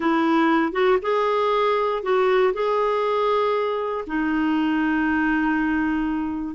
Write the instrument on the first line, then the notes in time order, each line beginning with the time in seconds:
clarinet
0.00 E4
0.72 F#4
1.02 G#4
2.02 F#4
2.53 G#4
4.06 D#4